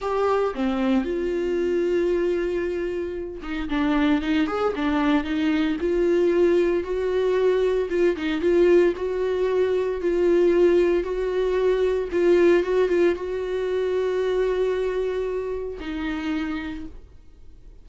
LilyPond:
\new Staff \with { instrumentName = "viola" } { \time 4/4 \tempo 4 = 114 g'4 c'4 f'2~ | f'2~ f'8 dis'8 d'4 | dis'8 gis'8 d'4 dis'4 f'4~ | f'4 fis'2 f'8 dis'8 |
f'4 fis'2 f'4~ | f'4 fis'2 f'4 | fis'8 f'8 fis'2.~ | fis'2 dis'2 | }